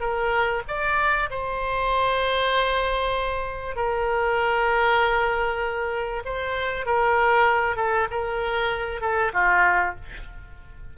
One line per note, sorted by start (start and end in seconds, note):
0.00 0.62 A#4
0.67 1.29 D5
1.30 3.75 C5
3.75 6.23 A#4
6.25 6.85 C5
6.85 7.76 A#4
7.76 8.07 A4
8.11 9.01 A#4
9.01 9.31 A4
9.33 9.95 F4